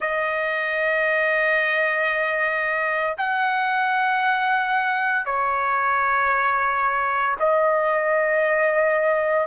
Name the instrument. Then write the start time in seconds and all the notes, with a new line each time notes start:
trumpet
0.00 D#5
3.17 F#5
5.25 C#5
7.39 D#5